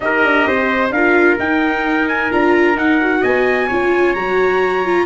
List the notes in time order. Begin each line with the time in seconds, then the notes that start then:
0.00 D#4 G4 A#4 D#5
0.23 D4
0.47 C4 C5
0.90 D4 F4 A#4 F5
1.38 D#4 G5
2.08 G#5
2.30 D4 F4 A#5
2.75 D#4 F#5
3.00 F#4
3.20 B3 D#5 G#5
3.67 C#4 F4 C#5
4.13 F#3 F#4 A#5
4.84 F4